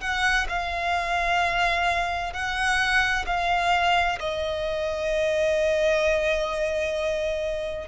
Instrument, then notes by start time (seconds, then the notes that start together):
violin
0.00 F#5
0.49 F5
2.33 F#5
3.26 F5
4.20 D#5